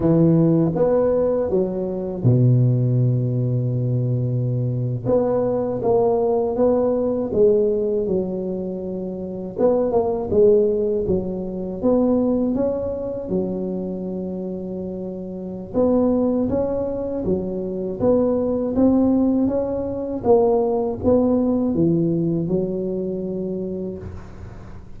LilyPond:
\new Staff \with { instrumentName = "tuba" } { \time 4/4 \tempo 4 = 80 e4 b4 fis4 b,4~ | b,2~ b,8. b4 ais16~ | ais8. b4 gis4 fis4~ fis16~ | fis8. b8 ais8 gis4 fis4 b16~ |
b8. cis'4 fis2~ fis16~ | fis4 b4 cis'4 fis4 | b4 c'4 cis'4 ais4 | b4 e4 fis2 | }